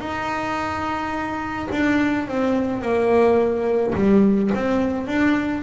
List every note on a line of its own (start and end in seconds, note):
0.00 1.68 D#4
1.72 2.28 D4
2.28 2.82 C4
2.82 3.94 A#3
3.95 4.51 G3
4.55 5.07 C4
5.07 5.63 D4